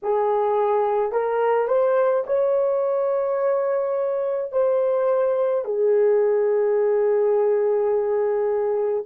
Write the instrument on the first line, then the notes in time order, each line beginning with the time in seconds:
horn
0.02 G#4
1.12 A#4
1.67 C5
2.26 C#5
4.51 C5
5.64 G#4